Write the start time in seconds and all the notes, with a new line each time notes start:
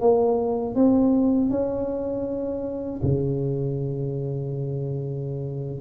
0.00 A#3
0.75 C4
1.50 C#4
3.02 C#3